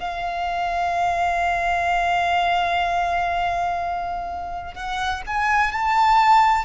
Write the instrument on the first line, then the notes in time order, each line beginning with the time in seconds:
violin
0.00 F5
4.75 F#5
5.27 G#5
5.72 A5